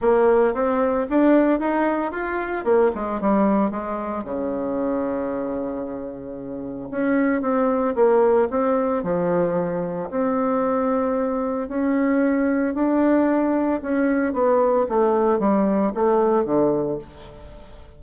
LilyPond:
\new Staff \with { instrumentName = "bassoon" } { \time 4/4 \tempo 4 = 113 ais4 c'4 d'4 dis'4 | f'4 ais8 gis8 g4 gis4 | cis1~ | cis4 cis'4 c'4 ais4 |
c'4 f2 c'4~ | c'2 cis'2 | d'2 cis'4 b4 | a4 g4 a4 d4 | }